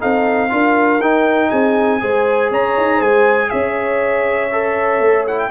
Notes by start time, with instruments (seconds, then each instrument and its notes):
0.00 tuba C4, trombone D#4, horn A4, trumpet F5
0.50 tuba D4, trombone F4, horn A#4
1.00 tuba D#4, trombone D#4, trumpet G5
1.50 tuba C4, horn G#4, trumpet G#5
2.01 tuba G#3, trombone G#4, horn C5
2.51 tuba C#4, horn C#5, trumpet A#5
2.77 tuba D#4
2.97 tuba G#3, horn C5, trumpet G#5
3.50 tuba C#4, horn C#5, trumpet E5
4.53 trombone A4
5.01 tuba A3
5.27 trombone E4, trumpet F#5
5.40 trumpet G5